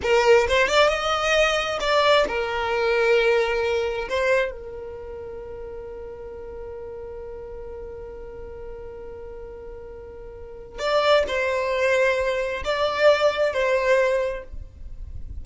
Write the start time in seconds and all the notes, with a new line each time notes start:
0.02 A#4
0.48 C5
0.68 D5
0.88 D#5
1.80 D5
2.28 A#4
4.08 C5
4.51 A#4
10.79 D5
11.27 C5
12.64 D5
13.53 C5